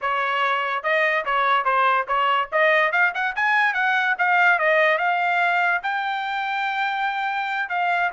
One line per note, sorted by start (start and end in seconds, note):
0.01 0.83 C#5
0.83 1.24 D#5
1.25 1.64 C#5
1.64 2.06 C5
2.07 2.49 C#5
2.52 2.91 D#5
2.91 3.12 F5
3.14 3.35 F#5
3.35 3.73 G#5
3.73 4.15 F#5
4.18 4.59 F5
4.59 4.98 D#5
4.98 5.81 F5
5.82 7.69 G5
7.69 8.10 F5